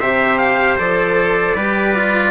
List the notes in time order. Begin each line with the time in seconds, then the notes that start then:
0.00 C3 G4 C5 E5
0.38 F5
0.78 F3 A4 D5
1.56 G3 G4 B4
1.95 F4